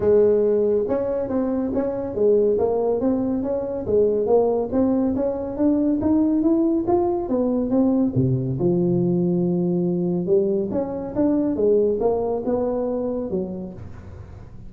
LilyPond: \new Staff \with { instrumentName = "tuba" } { \time 4/4 \tempo 4 = 140 gis2 cis'4 c'4 | cis'4 gis4 ais4 c'4 | cis'4 gis4 ais4 c'4 | cis'4 d'4 dis'4 e'4 |
f'4 b4 c'4 c4 | f1 | g4 cis'4 d'4 gis4 | ais4 b2 fis4 | }